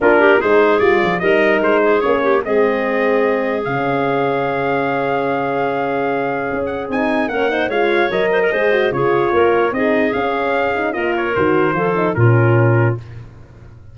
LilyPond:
<<
  \new Staff \with { instrumentName = "trumpet" } { \time 4/4 \tempo 4 = 148 ais'4 c''4 d''4 dis''4 | c''4 cis''4 dis''2~ | dis''4 f''2.~ | f''1~ |
f''8 fis''8 gis''4 fis''4 f''4 | dis''2 cis''2 | dis''4 f''2 dis''8 cis''8 | c''2 ais'2 | }
  \new Staff \with { instrumentName = "clarinet" } { \time 4/4 f'8 g'8 gis'2 ais'4~ | ais'8 gis'4 g'8 gis'2~ | gis'1~ | gis'1~ |
gis'2 ais'8 c''8 cis''4~ | cis''8 c''16 ais'16 c''4 gis'4 ais'4 | gis'2. ais'4~ | ais'4 a'4 f'2 | }
  \new Staff \with { instrumentName = "horn" } { \time 4/4 d'4 dis'4 f'4 dis'4~ | dis'4 cis'4 c'2~ | c'4 cis'2.~ | cis'1~ |
cis'4 dis'4 cis'8 dis'8 f'4 | ais'4 gis'8 fis'8 f'2 | dis'4 cis'4. dis'8 f'4 | fis'4 f'8 dis'8 cis'2 | }
  \new Staff \with { instrumentName = "tuba" } { \time 4/4 ais4 gis4 g8 f8 g4 | gis4 ais4 gis2~ | gis4 cis2.~ | cis1 |
cis'4 c'4 ais4 gis4 | fis4 gis4 cis4 ais4 | c'4 cis'2 ais4 | dis4 f4 ais,2 | }
>>